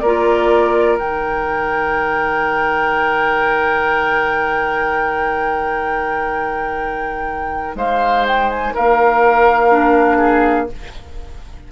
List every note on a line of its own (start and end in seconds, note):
0.00 0.96 A#3
0.00 0.99 F4
0.00 7.76 A#4
0.00 0.97 D5
0.96 7.74 D#3
0.96 9.70 D#4
0.96 7.76 G5
7.76 8.72 G#3
7.76 8.74 C5
7.76 8.26 F5
8.27 8.50 G5
8.50 8.74 G#5
8.74 10.72 A#3
8.74 10.18 A#4
8.74 10.70 F5
9.70 10.67 D4
10.18 10.66 G#4